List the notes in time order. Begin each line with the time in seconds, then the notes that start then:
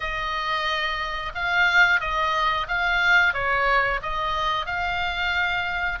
0.00 D#5
1.34 F5
2.00 D#5
2.68 F5
3.33 C#5
4.02 D#5
4.65 F5